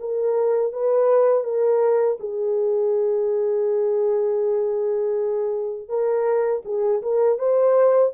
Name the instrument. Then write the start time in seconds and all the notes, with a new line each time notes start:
horn
0.00 A#4
0.73 B4
1.44 A#4
2.20 G#4
5.89 A#4
6.65 G#4
7.02 A#4
7.39 C5